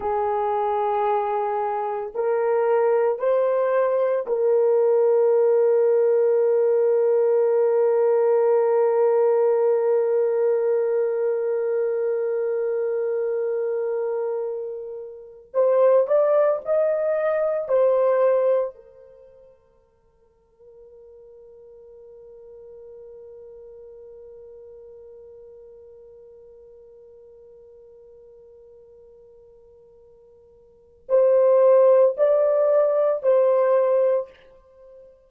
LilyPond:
\new Staff \with { instrumentName = "horn" } { \time 4/4 \tempo 4 = 56 gis'2 ais'4 c''4 | ais'1~ | ais'1~ | ais'2~ ais'8 c''8 d''8 dis''8~ |
dis''8 c''4 ais'2~ ais'8~ | ais'1~ | ais'1~ | ais'4 c''4 d''4 c''4 | }